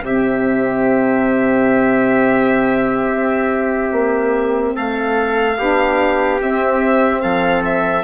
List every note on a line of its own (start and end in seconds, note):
0.00 3.07 C3
0.00 5.56 C4
0.00 4.75 G4
0.00 4.76 E5
3.07 3.89 C4
3.91 4.74 A#3
4.75 5.58 A3
4.75 5.57 A4
4.75 6.40 F5
5.58 6.40 B3
5.58 6.39 D4
5.58 7.22 G4
6.39 8.03 C4
6.39 7.23 C4
6.39 7.21 E5
7.21 8.03 F3
7.21 8.03 A4
7.21 7.62 F5
7.64 8.03 E5